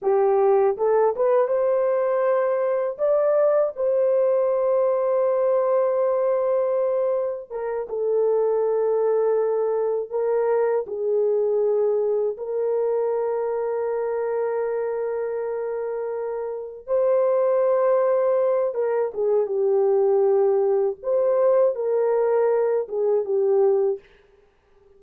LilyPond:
\new Staff \with { instrumentName = "horn" } { \time 4/4 \tempo 4 = 80 g'4 a'8 b'8 c''2 | d''4 c''2.~ | c''2 ais'8 a'4.~ | a'4. ais'4 gis'4.~ |
gis'8 ais'2.~ ais'8~ | ais'2~ ais'8 c''4.~ | c''4 ais'8 gis'8 g'2 | c''4 ais'4. gis'8 g'4 | }